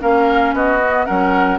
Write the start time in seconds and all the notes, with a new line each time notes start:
0.00 A#3 C#4 A#4 F5
0.53 B3 F#4 D#5
0.80 B3
1.06 F#3 C#4 A#4 F#5